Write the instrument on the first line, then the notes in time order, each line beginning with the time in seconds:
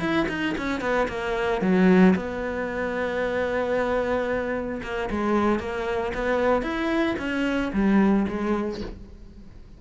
cello
0.00 E4
0.29 D#4
0.58 C#4
0.81 B3
1.09 A#3
1.62 F#3
2.16 B3
4.83 A#3
5.10 G#3
5.60 A#3
6.15 B3
6.63 E4
7.19 C#4
7.73 G3
8.28 G#3